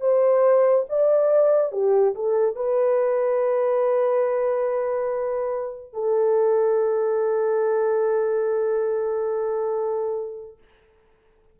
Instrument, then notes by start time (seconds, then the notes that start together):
horn
0.00 C5
0.89 D5
1.72 G4
2.14 A4
2.55 B4
5.93 A4